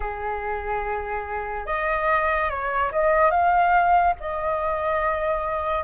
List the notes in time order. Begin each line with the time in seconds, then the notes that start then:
0.00 G#4
1.66 D#5
2.49 C#5
2.92 D#5
3.30 F5
4.20 D#5